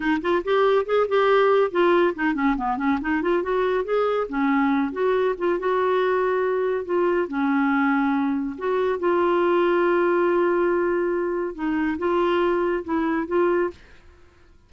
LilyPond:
\new Staff \with { instrumentName = "clarinet" } { \time 4/4 \tempo 4 = 140 dis'8 f'8 g'4 gis'8 g'4. | f'4 dis'8 cis'8 b8 cis'8 dis'8 f'8 | fis'4 gis'4 cis'4. fis'8~ | fis'8 f'8 fis'2. |
f'4 cis'2. | fis'4 f'2.~ | f'2. dis'4 | f'2 e'4 f'4 | }